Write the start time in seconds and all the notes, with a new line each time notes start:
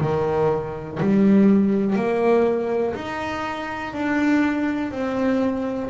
0.00 D#3
1.00 G3
1.95 A#3
2.95 D#4
3.93 D4
4.91 C4